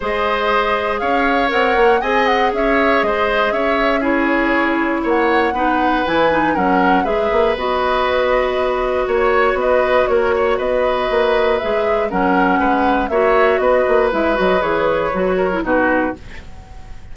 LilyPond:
<<
  \new Staff \with { instrumentName = "flute" } { \time 4/4 \tempo 4 = 119 dis''2 f''4 fis''4 | gis''8 fis''8 e''4 dis''4 e''4 | cis''2 fis''2 | gis''4 fis''4 e''4 dis''4~ |
dis''2 cis''4 dis''4 | cis''4 dis''2 e''4 | fis''2 e''4 dis''4 | e''8 dis''8 cis''2 b'4 | }
  \new Staff \with { instrumentName = "oboe" } { \time 4/4 c''2 cis''2 | dis''4 cis''4 c''4 cis''4 | gis'2 cis''4 b'4~ | b'4 ais'4 b'2~ |
b'2 cis''4 b'4 | ais'8 cis''8 b'2. | ais'4 b'4 cis''4 b'4~ | b'2~ b'8 ais'8 fis'4 | }
  \new Staff \with { instrumentName = "clarinet" } { \time 4/4 gis'2. ais'4 | gis'1 | e'2. dis'4 | e'8 dis'8 cis'4 gis'4 fis'4~ |
fis'1~ | fis'2. gis'4 | cis'2 fis'2 | e'8 fis'8 gis'4 fis'8. e'16 dis'4 | }
  \new Staff \with { instrumentName = "bassoon" } { \time 4/4 gis2 cis'4 c'8 ais8 | c'4 cis'4 gis4 cis'4~ | cis'2 ais4 b4 | e4 fis4 gis8 ais8 b4~ |
b2 ais4 b4 | ais4 b4 ais4 gis4 | fis4 gis4 ais4 b8 ais8 | gis8 fis8 e4 fis4 b,4 | }
>>